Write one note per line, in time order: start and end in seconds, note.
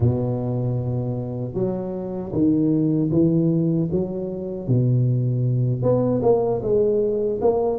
0.00 1.53 B2
1.53 2.31 F#3
2.32 3.10 D#3
3.11 3.89 E3
3.91 4.67 F#3
4.67 5.82 B2
5.82 6.21 B3
6.22 6.61 A#3
6.62 7.40 G#3
7.41 7.79 A#3